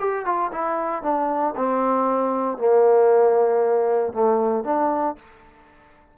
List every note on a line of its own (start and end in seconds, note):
0.00 0.25 G4
0.25 0.51 F4
0.52 1.03 E4
1.03 1.54 D4
1.56 2.58 C4
2.58 4.13 A#3
4.13 4.64 A3
4.64 5.16 D4